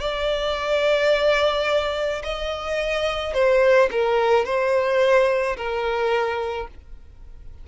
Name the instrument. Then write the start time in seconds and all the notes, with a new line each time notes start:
violin
0.00 D5
2.23 D#5
3.33 C5
3.91 A#4
4.45 C5
5.57 A#4